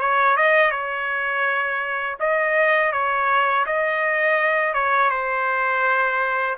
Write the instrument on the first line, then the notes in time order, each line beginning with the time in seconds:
trumpet
0.00 C#5
0.37 D#5
0.71 C#5
2.20 D#5
2.92 C#5
3.66 D#5
4.74 C#5
5.10 C5